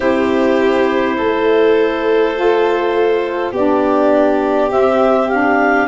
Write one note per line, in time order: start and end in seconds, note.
0.00 1.18 C4
0.00 2.34 E4
0.00 1.16 G4
0.00 3.52 C5
1.16 3.51 A3
1.16 3.51 A4
2.34 3.52 F4
3.51 4.69 B3
3.51 4.69 D4
3.51 5.87 G4
3.51 4.71 D5
4.69 5.86 C4
4.69 5.28 C4
4.69 5.29 E5
5.29 5.87 D4
5.29 5.87 F5